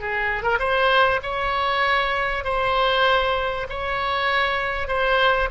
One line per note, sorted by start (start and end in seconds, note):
0.00 0.43 G#4
0.43 0.58 A#4
0.59 1.20 C5
1.22 2.44 C#5
2.44 3.67 C5
3.69 4.88 C#5
4.88 5.49 C5